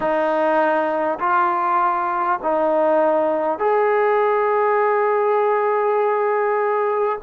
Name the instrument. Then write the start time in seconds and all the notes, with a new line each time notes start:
trombone
0.00 D#4
1.19 F4
2.43 D#4
3.58 G#4